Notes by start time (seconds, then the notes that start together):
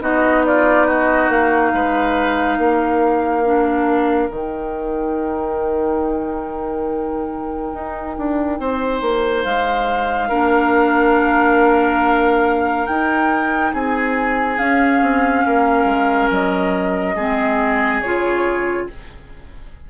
0.00 B3 D#4 F#4 D#5
0.45 F4 D5
0.86 F#4 D#5
1.29 A#3 F5
1.73 G#3 B4
2.58 A#3 A#4
3.45 D4
4.29 D#3 D#4 G5
7.74 D#4
8.18 D4
8.59 C4 C5
9.01 A#3
9.44 G#3 F5
10.29 A#3 D4 A#4
12.87 D#4 G5
13.73 C4 G#4 G#5
14.58 C#4 F5
15.02 C4
15.46 A#3 A#4
15.84 G#3
16.31 F#3 D#5
17.15 G#3 C4 G#4
18.01 C#3 F4 C#5